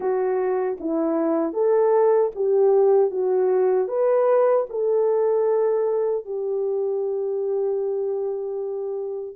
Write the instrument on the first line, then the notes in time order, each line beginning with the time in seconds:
horn
0.00 F#4
0.80 E4
1.53 A4
2.35 G4
3.11 F#4
3.87 B4
4.69 A4
6.25 G4